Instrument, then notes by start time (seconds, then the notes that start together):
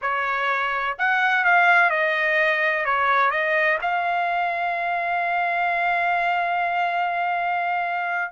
trumpet
0.01 C#5
0.98 F#5
1.44 F5
1.90 D#5
2.85 C#5
3.31 D#5
3.81 F5